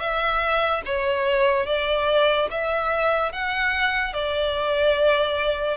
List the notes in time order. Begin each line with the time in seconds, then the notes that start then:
0.00 E5
0.86 C#5
1.67 D5
2.51 E5
3.33 F#5
4.14 D5